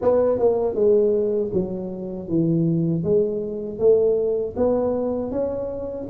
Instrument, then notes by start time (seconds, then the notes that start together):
tuba
0.01 B3
0.38 A#3
0.74 G#3
1.52 F#3
2.28 E3
3.03 G#3
3.78 A3
4.56 B3
5.31 C#4